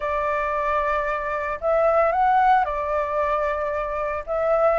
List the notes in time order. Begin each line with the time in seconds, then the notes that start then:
0.00 D5
1.60 E5
2.12 F#5
2.64 D5
4.26 E5